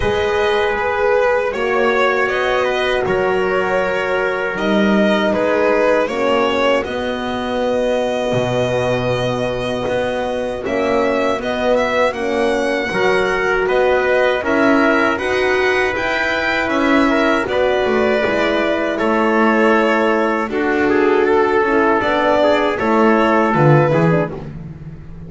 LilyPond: <<
  \new Staff \with { instrumentName = "violin" } { \time 4/4 \tempo 4 = 79 dis''4 b'4 cis''4 dis''4 | cis''2 dis''4 b'4 | cis''4 dis''2.~ | dis''2 e''4 dis''8 e''8 |
fis''2 dis''4 e''4 | fis''4 g''4 e''4 d''4~ | d''4 cis''2 a'4~ | a'4 d''4 cis''4 b'4 | }
  \new Staff \with { instrumentName = "trumpet" } { \time 4/4 b'2 cis''4. b'8 | ais'2. gis'4 | fis'1~ | fis'1~ |
fis'4 ais'4 b'4 ais'4 | b'2~ b'8 ais'8 b'4~ | b'4 a'2 fis'8 gis'8 | a'4. gis'8 a'4. gis'8 | }
  \new Staff \with { instrumentName = "horn" } { \time 4/4 gis'2 fis'2~ | fis'2 dis'2 | cis'4 b2.~ | b2 cis'4 b4 |
cis'4 fis'2 e'4 | fis'4 e'2 fis'4 | e'2. fis'4~ | fis'8 e'8 d'4 e'4 f'8 e'16 d'16 | }
  \new Staff \with { instrumentName = "double bass" } { \time 4/4 gis2 ais4 b4 | fis2 g4 gis4 | ais4 b2 b,4~ | b,4 b4 ais4 b4 |
ais4 fis4 b4 cis'4 | dis'4 e'4 cis'4 b8 a8 | gis4 a2 d'4~ | d'8 cis'8 b4 a4 d8 e8 | }
>>